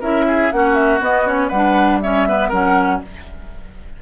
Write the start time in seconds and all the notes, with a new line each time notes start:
0.00 C#4 E4 A#4 E5
0.27 G#4
0.51 A#3 C#4 F#4 F#5
0.74 E5
1.00 B3 D#5
1.25 C#4 C#5
1.48 G3 B4 F#5
1.55 D4
2.01 C#4 C#5 E5
2.28 B3 B4
2.48 F#3 C#4 A#4 F#5